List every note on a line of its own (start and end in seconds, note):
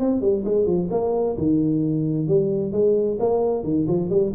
0.00 0.21 C4
0.21 0.44 G3
0.45 0.66 G#3
0.66 0.89 F3
0.91 1.37 A#3
1.38 2.28 D#3
2.28 2.73 G3
2.73 3.18 G#3
3.20 3.64 A#3
3.64 3.87 D#3
3.88 4.10 F3
4.10 4.33 G3